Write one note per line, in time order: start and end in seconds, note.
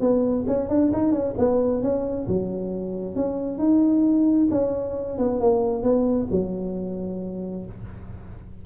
0.00 0.45 B3
0.47 0.69 C#4
0.69 0.91 D4
0.92 1.12 D#4
1.12 1.34 C#4
1.38 1.82 B3
1.82 2.27 C#4
2.27 3.15 F#3
3.15 3.58 C#4
3.58 4.47 D#4
4.50 5.18 C#4
5.18 5.40 B3
5.40 5.82 A#3
5.82 6.27 B3
6.31 7.65 F#3